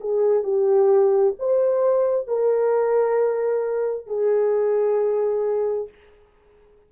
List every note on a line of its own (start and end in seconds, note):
0.00 0.43 G#4
0.43 1.34 G4
1.39 2.27 C5
2.27 4.07 A#4
4.07 5.88 G#4